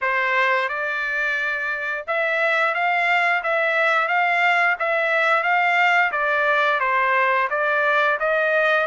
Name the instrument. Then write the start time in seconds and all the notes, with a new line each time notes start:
trumpet
0.01 C5
0.68 D5
2.07 E5
2.74 F5
3.43 E5
4.08 F5
4.79 E5
5.43 F5
6.11 D5
6.80 C5
7.50 D5
8.19 D#5